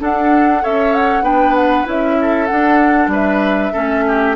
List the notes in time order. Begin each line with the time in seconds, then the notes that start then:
0.00 D4 A4 F#5
0.63 C#4 A4 C#5 E5
0.94 F#5
1.22 B3 D4 B4 G5
1.56 F#5
1.85 C#4 E4 E5
2.21 A4
2.47 D4 F#5
3.08 G3 B4
3.14 E5
3.73 A3 C#4 A4
4.08 G4